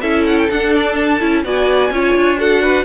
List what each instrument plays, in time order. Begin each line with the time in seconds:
0.00 cello C#4, viola E4, violin A4 E5
0.26 violin F#5
0.38 violin G5
0.49 cello D4, viola D4, violin F#5
0.73 violin D5
0.95 violin A5
1.20 cello C#4, viola E4
1.43 cello B3, viola F#4, violin D5 G#5
1.90 cello C#4, viola F4, violin C#5
2.14 cello D4
2.36 viola F#4, violin A4 F#5
2.62 violin B4